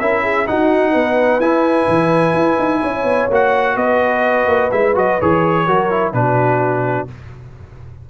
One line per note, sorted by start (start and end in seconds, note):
0.00 0.48 C#4
0.00 0.47 E4
0.00 0.23 A#4
0.00 0.47 E5
0.23 0.47 G#4
0.47 1.41 D#4
0.47 0.95 D#4
0.47 0.92 F#4
0.47 1.41 F#5
0.92 1.40 B3
0.92 2.81 B4
1.40 1.87 E4
1.40 3.31 E4
1.40 3.30 G#5
1.88 2.34 E3
2.34 2.58 E4
2.59 2.83 D#4
2.82 3.04 C#4
2.82 3.76 C#5
3.04 3.28 B3
3.30 3.76 A#3
3.30 4.72 F#4
3.30 3.77 F#5
3.76 4.46 B3
3.76 5.67 B4
3.76 4.72 D#5
4.46 4.70 A#3
4.72 4.96 G#3
4.72 4.95 E4
4.72 4.95 E5
4.95 5.19 F#3
4.95 5.19 F#4
4.95 5.21 D#5
5.21 5.68 E3
5.21 5.68 G#4
5.21 6.13 C#5
5.67 6.14 F#3
5.67 5.91 F#4
5.67 6.14 A#4
5.91 6.13 E4
6.13 7.08 B2
6.13 7.08 D4
6.13 7.10 F#4
6.13 7.08 B4